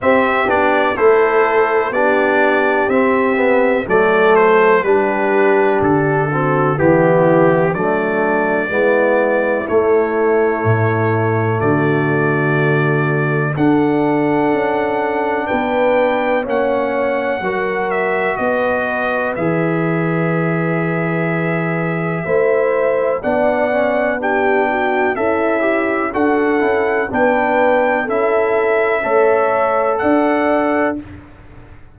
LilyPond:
<<
  \new Staff \with { instrumentName = "trumpet" } { \time 4/4 \tempo 4 = 62 e''8 d''8 c''4 d''4 e''4 | d''8 c''8 b'4 a'4 g'4 | d''2 cis''2 | d''2 fis''2 |
g''4 fis''4. e''8 dis''4 | e''1 | fis''4 g''4 e''4 fis''4 | g''4 e''2 fis''4 | }
  \new Staff \with { instrumentName = "horn" } { \time 4/4 g'4 a'4 g'2 | a'4 g'4. fis'8 e'4 | d'4 e'2. | fis'2 a'2 |
b'4 cis''4 ais'4 b'4~ | b'2. c''4 | d''4 g'8 fis'8 e'4 a'4 | b'4 a'4 cis''4 d''4 | }
  \new Staff \with { instrumentName = "trombone" } { \time 4/4 c'8 d'8 e'4 d'4 c'8 b8 | a4 d'4. c'8 b4 | a4 b4 a2~ | a2 d'2~ |
d'4 cis'4 fis'2 | gis'2. e'4 | d'8 cis'8 d'4 a'8 g'8 fis'8 e'8 | d'4 e'4 a'2 | }
  \new Staff \with { instrumentName = "tuba" } { \time 4/4 c'8 b8 a4 b4 c'4 | fis4 g4 d4 e4 | fis4 gis4 a4 a,4 | d2 d'4 cis'4 |
b4 ais4 fis4 b4 | e2. a4 | b2 cis'4 d'8 cis'8 | b4 cis'4 a4 d'4 | }
>>